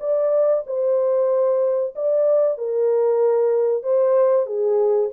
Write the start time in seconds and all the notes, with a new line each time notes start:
0.00 D5
0.67 C5
1.96 D5
2.58 A#4
3.83 C5
4.46 G#4